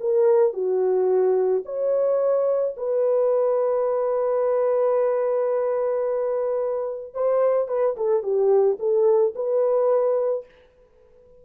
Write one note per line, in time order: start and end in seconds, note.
0.00 0.53 A#4
0.53 1.63 F#4
1.65 2.75 C#5
2.77 7.14 B4
7.14 7.68 C5
7.68 7.96 B4
7.97 8.23 A4
8.23 8.78 G4
8.79 9.34 A4
9.35 10.45 B4